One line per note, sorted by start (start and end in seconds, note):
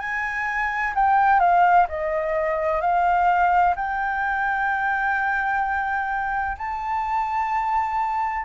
0.00 0.94 G#5
0.95 1.40 G5
1.40 1.87 F5
1.89 2.81 D#5
2.81 3.75 F5
3.76 6.57 G5
6.58 8.45 A5